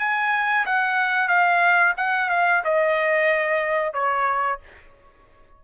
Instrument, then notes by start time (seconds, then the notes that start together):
trumpet
0.00 G#5
0.66 F#5
1.29 F5
1.98 F#5
2.30 F5
2.65 D#5
3.94 C#5